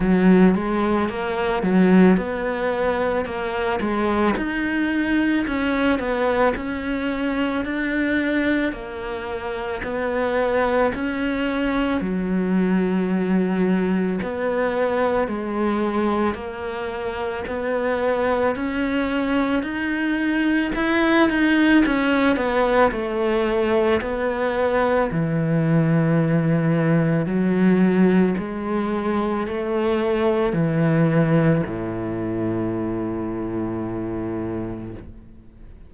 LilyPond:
\new Staff \with { instrumentName = "cello" } { \time 4/4 \tempo 4 = 55 fis8 gis8 ais8 fis8 b4 ais8 gis8 | dis'4 cis'8 b8 cis'4 d'4 | ais4 b4 cis'4 fis4~ | fis4 b4 gis4 ais4 |
b4 cis'4 dis'4 e'8 dis'8 | cis'8 b8 a4 b4 e4~ | e4 fis4 gis4 a4 | e4 a,2. | }